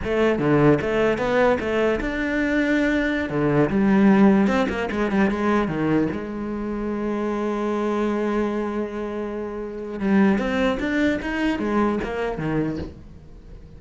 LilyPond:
\new Staff \with { instrumentName = "cello" } { \time 4/4 \tempo 4 = 150 a4 d4 a4 b4 | a4 d'2.~ | d'16 d4 g2 c'8 ais16~ | ais16 gis8 g8 gis4 dis4 gis8.~ |
gis1~ | gis1~ | gis4 g4 c'4 d'4 | dis'4 gis4 ais4 dis4 | }